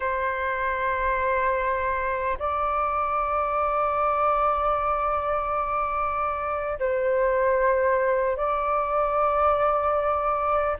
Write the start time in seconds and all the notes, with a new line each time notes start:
0.00 C5
2.38 D5
6.79 C5
8.36 D5